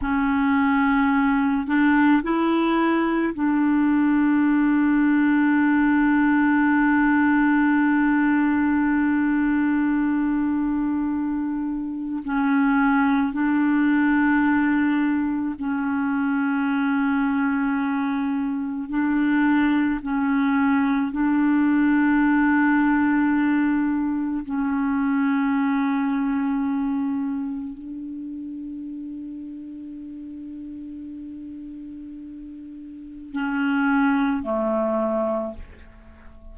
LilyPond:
\new Staff \with { instrumentName = "clarinet" } { \time 4/4 \tempo 4 = 54 cis'4. d'8 e'4 d'4~ | d'1~ | d'2. cis'4 | d'2 cis'2~ |
cis'4 d'4 cis'4 d'4~ | d'2 cis'2~ | cis'4 d'2.~ | d'2 cis'4 a4 | }